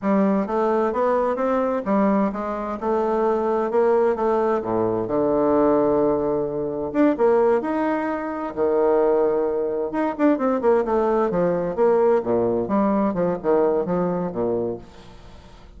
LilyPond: \new Staff \with { instrumentName = "bassoon" } { \time 4/4 \tempo 4 = 130 g4 a4 b4 c'4 | g4 gis4 a2 | ais4 a4 a,4 d4~ | d2. d'8 ais8~ |
ais8 dis'2 dis4.~ | dis4. dis'8 d'8 c'8 ais8 a8~ | a8 f4 ais4 ais,4 g8~ | g8 f8 dis4 f4 ais,4 | }